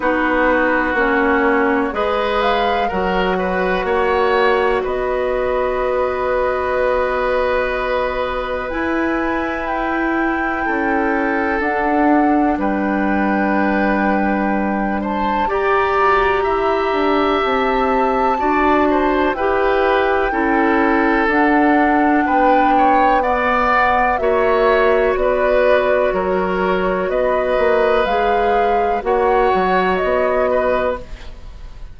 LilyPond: <<
  \new Staff \with { instrumentName = "flute" } { \time 4/4 \tempo 4 = 62 b'4 cis''4 dis''8 f''8 fis''4~ | fis''4 dis''2.~ | dis''4 gis''4 g''2 | fis''4 g''2~ g''8 a''8 |
ais''2 a''2 | g''2 fis''4 g''4 | fis''4 e''4 d''4 cis''4 | dis''4 f''4 fis''4 dis''4 | }
  \new Staff \with { instrumentName = "oboe" } { \time 4/4 fis'2 b'4 ais'8 b'8 | cis''4 b'2.~ | b'2. a'4~ | a'4 b'2~ b'8 c''8 |
d''4 e''2 d''8 c''8 | b'4 a'2 b'8 cis''8 | d''4 cis''4 b'4 ais'4 | b'2 cis''4. b'8 | }
  \new Staff \with { instrumentName = "clarinet" } { \time 4/4 dis'4 cis'4 gis'4 fis'4~ | fis'1~ | fis'4 e'2. | d'1 |
g'2. fis'4 | g'4 e'4 d'2 | b4 fis'2.~ | fis'4 gis'4 fis'2 | }
  \new Staff \with { instrumentName = "bassoon" } { \time 4/4 b4 ais4 gis4 fis4 | ais4 b2.~ | b4 e'2 cis'4 | d'4 g2. |
g'8 fis'8 e'8 d'8 c'4 d'4 | e'4 cis'4 d'4 b4~ | b4 ais4 b4 fis4 | b8 ais8 gis4 ais8 fis8 b4 | }
>>